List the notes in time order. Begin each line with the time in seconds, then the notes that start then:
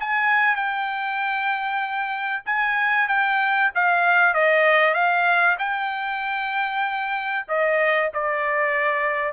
0.00 G#5
0.56 G5
2.46 G#5
3.08 G5
3.75 F5
4.34 D#5
4.94 F5
5.59 G5
7.48 D#5
8.14 D5